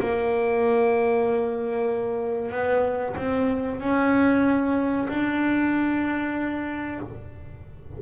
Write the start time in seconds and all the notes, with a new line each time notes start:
0.00 A#3
2.52 B3
3.17 C4
3.81 C#4
5.09 D4